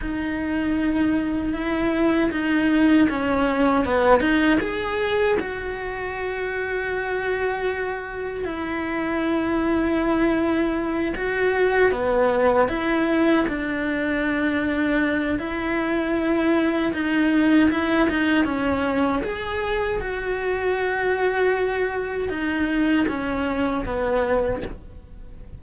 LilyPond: \new Staff \with { instrumentName = "cello" } { \time 4/4 \tempo 4 = 78 dis'2 e'4 dis'4 | cis'4 b8 dis'8 gis'4 fis'4~ | fis'2. e'4~ | e'2~ e'8 fis'4 b8~ |
b8 e'4 d'2~ d'8 | e'2 dis'4 e'8 dis'8 | cis'4 gis'4 fis'2~ | fis'4 dis'4 cis'4 b4 | }